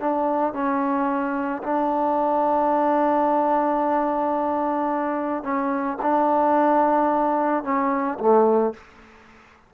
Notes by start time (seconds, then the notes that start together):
0.00 D4
0.54 C#4
1.63 D4
5.43 C#4
6.02 D4
7.64 C#4
8.19 A3